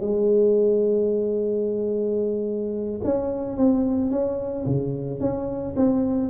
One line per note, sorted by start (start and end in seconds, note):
0.00 3.00 G#3
3.04 3.57 C#4
3.57 4.10 C4
4.10 4.65 C#4
4.66 5.20 C#3
5.20 5.74 C#4
5.76 6.29 C4